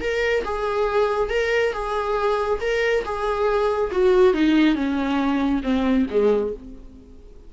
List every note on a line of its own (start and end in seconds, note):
0.00 0.43 A#4
0.44 1.29 G#4
1.29 1.72 A#4
1.72 2.59 G#4
2.61 3.04 A#4
3.04 3.91 G#4
3.91 4.33 F#4
4.33 4.75 D#4
4.75 5.61 C#4
5.63 6.06 C4
6.10 6.53 G#3